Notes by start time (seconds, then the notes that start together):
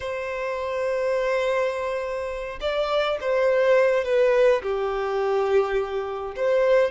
0.00 C5
2.60 D5
3.20 C5
4.04 B4
4.62 G4
6.35 C5